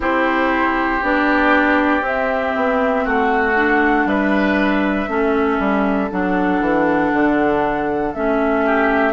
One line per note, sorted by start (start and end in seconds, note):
0.00 1.01 C4
0.00 1.01 E4
0.00 3.04 G4
0.00 1.03 C5
1.02 2.01 B3
1.02 2.01 D4
1.02 2.05 D5
2.01 2.52 C4
2.01 3.54 C4
2.01 3.06 E5
2.56 3.05 B3
3.04 4.05 A3
3.04 4.06 F#4
3.04 4.07 F#5
3.56 5.07 D4
4.05 5.07 G3
4.05 5.10 B4
4.05 6.11 E5
5.07 5.58 A3
5.07 6.09 C#4
5.07 8.65 A4
5.59 6.10 G3
6.10 6.60 F#3
6.10 8.13 D4
6.10 8.14 F#5
6.60 7.11 E3
7.12 8.14 D3
8.14 9.12 A3
8.14 9.12 C#4
8.14 9.12 E5
8.65 9.12 G4